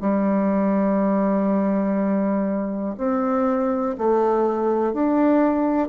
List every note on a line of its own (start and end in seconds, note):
0.00 2.95 G3
2.97 3.95 C4
3.97 4.93 A3
4.93 5.88 D4